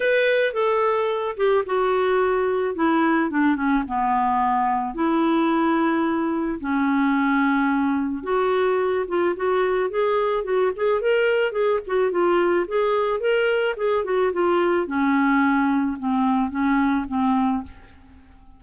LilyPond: \new Staff \with { instrumentName = "clarinet" } { \time 4/4 \tempo 4 = 109 b'4 a'4. g'8 fis'4~ | fis'4 e'4 d'8 cis'8 b4~ | b4 e'2. | cis'2. fis'4~ |
fis'8 f'8 fis'4 gis'4 fis'8 gis'8 | ais'4 gis'8 fis'8 f'4 gis'4 | ais'4 gis'8 fis'8 f'4 cis'4~ | cis'4 c'4 cis'4 c'4 | }